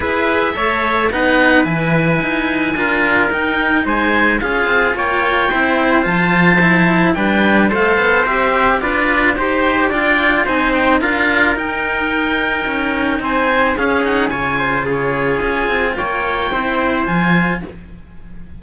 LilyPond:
<<
  \new Staff \with { instrumentName = "oboe" } { \time 4/4 \tempo 4 = 109 e''2 fis''4 gis''4~ | gis''2 g''4 gis''4 | f''4 g''2 a''4~ | a''4 g''4 f''4 e''4 |
d''4 c''4 g''4 gis''8 g''8 | f''4 g''2. | gis''4 f''8 fis''8 gis''4 cis''4 | gis''4 g''2 gis''4 | }
  \new Staff \with { instrumentName = "trumpet" } { \time 4/4 b'4 cis''4 b'2~ | b'4 ais'2 c''4 | gis'4 cis''4 c''2~ | c''4 b'4 c''2 |
b'4 c''4 d''4 c''4 | ais'1 | c''4 gis'4 cis''8 c''8 gis'4~ | gis'4 cis''4 c''2 | }
  \new Staff \with { instrumentName = "cello" } { \time 4/4 gis'4 a'4 dis'4 e'4~ | e'4 f'4 dis'2 | f'2 e'4 f'4 | e'4 d'4 a'4 g'4 |
f'4 g'4 f'4 dis'4 | f'4 dis'2.~ | dis'4 cis'8 dis'8 f'2~ | f'2 e'4 f'4 | }
  \new Staff \with { instrumentName = "cello" } { \time 4/4 e'4 a4 b4 e4 | dis'4 d'4 dis'4 gis4 | cis'8 c'8 ais4 c'4 f4~ | f4 g4 a8 b8 c'4 |
d'4 dis'4 d'4 c'4 | d'4 dis'2 cis'4 | c'4 cis'4 cis2 | cis'8 c'8 ais4 c'4 f4 | }
>>